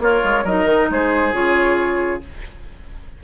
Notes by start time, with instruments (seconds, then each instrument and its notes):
0.00 bassoon A#3, oboe F4, clarinet A#4, flute C#5
0.24 bassoon G#3
0.45 bassoon F#3, clarinet D#4, oboe A#4, flute D#5
0.65 bassoon D#3
0.91 bassoon G#3, oboe G#4, flute C5
1.33 bassoon C#3, clarinet F4, flute C#5